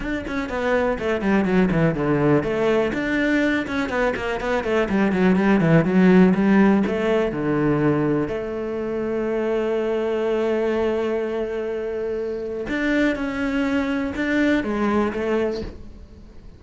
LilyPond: \new Staff \with { instrumentName = "cello" } { \time 4/4 \tempo 4 = 123 d'8 cis'8 b4 a8 g8 fis8 e8 | d4 a4 d'4. cis'8 | b8 ais8 b8 a8 g8 fis8 g8 e8 | fis4 g4 a4 d4~ |
d4 a2.~ | a1~ | a2 d'4 cis'4~ | cis'4 d'4 gis4 a4 | }